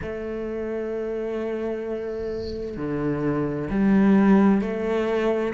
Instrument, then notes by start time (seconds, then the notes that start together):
cello
0.02 A3
2.77 D3
3.70 G3
4.61 A3